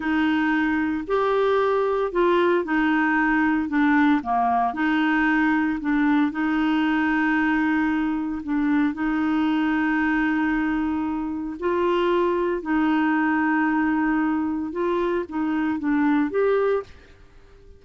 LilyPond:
\new Staff \with { instrumentName = "clarinet" } { \time 4/4 \tempo 4 = 114 dis'2 g'2 | f'4 dis'2 d'4 | ais4 dis'2 d'4 | dis'1 |
d'4 dis'2.~ | dis'2 f'2 | dis'1 | f'4 dis'4 d'4 g'4 | }